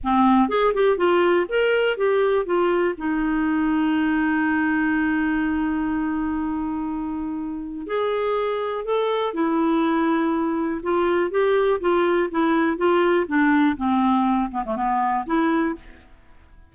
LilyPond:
\new Staff \with { instrumentName = "clarinet" } { \time 4/4 \tempo 4 = 122 c'4 gis'8 g'8 f'4 ais'4 | g'4 f'4 dis'2~ | dis'1~ | dis'1 |
gis'2 a'4 e'4~ | e'2 f'4 g'4 | f'4 e'4 f'4 d'4 | c'4. b16 a16 b4 e'4 | }